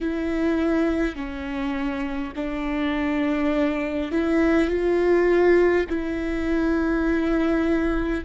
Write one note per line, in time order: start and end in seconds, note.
0.01 1.15 E4
1.15 2.33 C#4
2.35 4.11 D4
4.11 4.67 E4
4.67 5.85 F4
5.89 8.24 E4